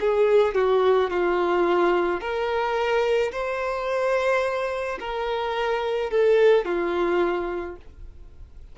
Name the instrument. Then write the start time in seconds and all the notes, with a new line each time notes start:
violin
0.00 G#4
0.55 F#4
1.10 F4
2.20 A#4
3.32 C5
4.99 A#4
6.11 A4
6.65 F4